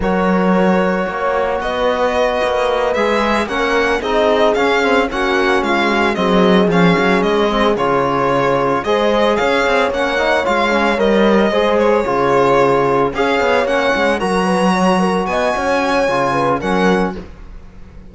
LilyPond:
<<
  \new Staff \with { instrumentName = "violin" } { \time 4/4 \tempo 4 = 112 cis''2. dis''4~ | dis''4. e''4 fis''4 dis''8~ | dis''8 f''4 fis''4 f''4 dis''8~ | dis''8 f''4 dis''4 cis''4.~ |
cis''8 dis''4 f''4 fis''4 f''8~ | f''8 dis''4. cis''2~ | cis''8 f''4 fis''4 ais''4.~ | ais''8 gis''2~ gis''8 fis''4 | }
  \new Staff \with { instrumentName = "horn" } { \time 4/4 ais'2 cis''4 b'4~ | b'2~ b'8 ais'4 gis'8~ | gis'4. fis'4 f'8 fis'8 gis'8~ | gis'1~ |
gis'8 c''4 cis''2~ cis''8~ | cis''4. c''4 gis'4.~ | gis'8 cis''2 ais'8 b'8 cis''8 | ais'8 dis''8 cis''4. b'8 ais'4 | }
  \new Staff \with { instrumentName = "trombone" } { \time 4/4 fis'1~ | fis'4. gis'4 cis'4 dis'8~ | dis'8 cis'8 c'8 cis'2 c'8~ | c'8 cis'4. c'8 f'4.~ |
f'8 gis'2 cis'8 dis'8 f'8 | cis'8 ais'4 gis'4 f'4.~ | f'8 gis'4 cis'4 fis'4.~ | fis'2 f'4 cis'4 | }
  \new Staff \with { instrumentName = "cello" } { \time 4/4 fis2 ais4 b4~ | b8 ais4 gis4 ais4 c'8~ | c'8 cis'4 ais4 gis4 fis8~ | fis8 f8 fis8 gis4 cis4.~ |
cis8 gis4 cis'8 c'8 ais4 gis8~ | gis8 g4 gis4 cis4.~ | cis8 cis'8 b8 ais8 gis8 fis4.~ | fis8 b8 cis'4 cis4 fis4 | }
>>